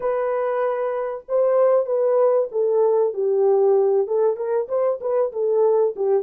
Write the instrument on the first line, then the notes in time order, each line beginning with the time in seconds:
horn
0.00 B4
1.28 C5
1.86 B4
2.51 A4
3.13 G4
4.07 A4
4.36 A#4
4.68 C5
5.00 B4
5.32 A4
5.96 G4